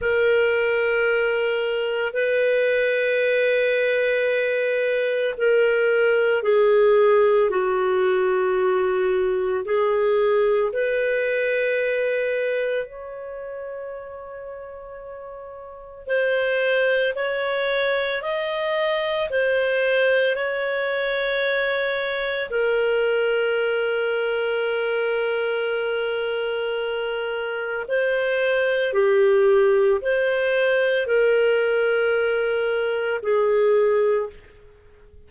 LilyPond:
\new Staff \with { instrumentName = "clarinet" } { \time 4/4 \tempo 4 = 56 ais'2 b'2~ | b'4 ais'4 gis'4 fis'4~ | fis'4 gis'4 b'2 | cis''2. c''4 |
cis''4 dis''4 c''4 cis''4~ | cis''4 ais'2.~ | ais'2 c''4 g'4 | c''4 ais'2 gis'4 | }